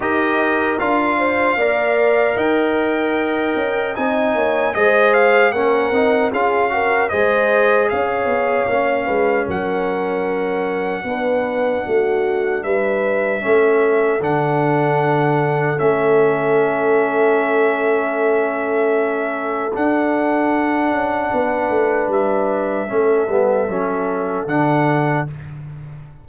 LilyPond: <<
  \new Staff \with { instrumentName = "trumpet" } { \time 4/4 \tempo 4 = 76 dis''4 f''2 g''4~ | g''4 gis''4 dis''8 f''8 fis''4 | f''4 dis''4 f''2 | fis''1 |
e''2 fis''2 | e''1~ | e''4 fis''2. | e''2. fis''4 | }
  \new Staff \with { instrumentName = "horn" } { \time 4/4 ais'4. c''8 d''4 dis''4~ | dis''4. cis''8 c''4 ais'4 | gis'8 ais'8 c''4 cis''4. b'8 | ais'2 b'4 fis'4 |
b'4 a'2.~ | a'1~ | a'2. b'4~ | b'4 a'2. | }
  \new Staff \with { instrumentName = "trombone" } { \time 4/4 g'4 f'4 ais'2~ | ais'4 dis'4 gis'4 cis'8 dis'8 | f'8 fis'8 gis'2 cis'4~ | cis'2 d'2~ |
d'4 cis'4 d'2 | cis'1~ | cis'4 d'2.~ | d'4 cis'8 b8 cis'4 d'4 | }
  \new Staff \with { instrumentName = "tuba" } { \time 4/4 dis'4 d'4 ais4 dis'4~ | dis'8 cis'8 c'8 ais8 gis4 ais8 c'8 | cis'4 gis4 cis'8 b8 ais8 gis8 | fis2 b4 a4 |
g4 a4 d2 | a1~ | a4 d'4. cis'8 b8 a8 | g4 a8 g8 fis4 d4 | }
>>